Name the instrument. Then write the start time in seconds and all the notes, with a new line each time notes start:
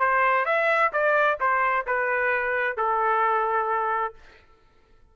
trumpet
0.00 C5
0.46 E5
0.93 D5
1.41 C5
1.87 B4
2.77 A4